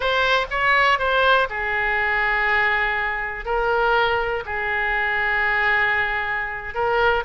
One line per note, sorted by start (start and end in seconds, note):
0.00 0.46 C5
0.50 0.98 C#5
0.98 1.48 C5
1.49 3.45 G#4
3.45 4.43 A#4
4.45 6.74 G#4
6.74 7.23 A#4